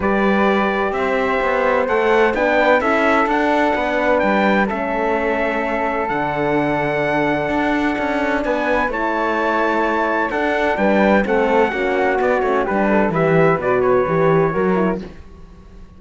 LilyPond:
<<
  \new Staff \with { instrumentName = "trumpet" } { \time 4/4 \tempo 4 = 128 d''2 e''2 | fis''4 g''4 e''4 fis''4~ | fis''4 g''4 e''2~ | e''4 fis''2.~ |
fis''2 gis''4 a''4~ | a''2 fis''4 g''4 | fis''2 d''8 cis''8 b'4 | e''4 d''8 cis''2~ cis''8 | }
  \new Staff \with { instrumentName = "flute" } { \time 4/4 b'2 c''2~ | c''4 b'4 a'2 | b'2 a'2~ | a'1~ |
a'2 b'4 cis''4~ | cis''2 a'4 b'4 | a'4 fis'2 g'8 a'8 | b'2. ais'4 | }
  \new Staff \with { instrumentName = "horn" } { \time 4/4 g'1 | a'4 d'4 e'4 d'4~ | d'2 cis'2~ | cis'4 d'2.~ |
d'2. e'4~ | e'2 d'2 | c'4 cis'4 b8 cis'8 d'4 | g'4 fis'4 g'4 fis'8 e'8 | }
  \new Staff \with { instrumentName = "cello" } { \time 4/4 g2 c'4 b4 | a4 b4 cis'4 d'4 | b4 g4 a2~ | a4 d2. |
d'4 cis'4 b4 a4~ | a2 d'4 g4 | a4 ais4 b8 a8 g4 | e4 b,4 e4 fis4 | }
>>